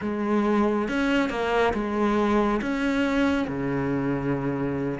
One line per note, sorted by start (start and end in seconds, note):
0.01 0.88 G#3
0.88 1.29 C#4
1.29 1.73 A#3
1.73 2.60 G#3
2.61 3.47 C#4
3.47 4.99 C#3